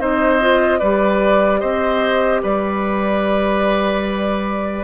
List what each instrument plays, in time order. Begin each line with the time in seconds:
0.00 bassoon C4, clarinet D#4, oboe C5, flute D#5
0.41 clarinet F4
0.80 bassoon G3, clarinet G4, oboe B4, flute D5
1.60 bassoon C4, oboe C5, flute D#5
2.43 bassoon G3, oboe B4, flute D5